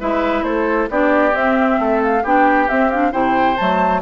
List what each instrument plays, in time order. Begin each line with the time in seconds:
0.00 bassoon G#3, clarinet E4, oboe B4, flute E5
0.43 bassoon A3, oboe A4, flute C5
0.90 bassoon B3, clarinet D4, oboe G4, flute D5
1.32 clarinet C4, bassoon C4, flute E5
1.79 bassoon A3, oboe A4
2.03 flute F5
2.23 bassoon B3, clarinet D4, oboe G4, flute G5
2.69 clarinet C4, bassoon C4, flute E5
2.90 clarinet D4, flute F5
3.12 bassoon C3, clarinet E4, oboe C5, flute G5
3.57 bassoon F#3, clarinet A3, flute A5